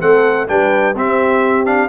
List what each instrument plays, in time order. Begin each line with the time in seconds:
0.00 tuba A3, trombone C4, horn A4, trumpet F#5
0.48 tuba G3, trombone D4, horn B4, trumpet G5
0.95 tuba C4, trombone C4, horn G4, trumpet E5
1.65 trombone D4, trumpet F5